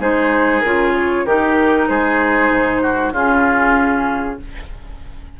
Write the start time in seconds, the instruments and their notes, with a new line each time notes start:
0.00 bassoon G#3, clarinet D#4, oboe G#4, flute C5
0.60 bassoon C#3, clarinet F4, flute A#4
0.96 flute C#5
1.26 bassoon D#3, clarinet D#4, oboe G4, flute A#4
1.88 bassoon G#3, oboe G#4, flute C5
2.50 bassoon G#2
2.82 oboe F#4
3.12 bassoon C#3, clarinet C#4, oboe F4, flute G#4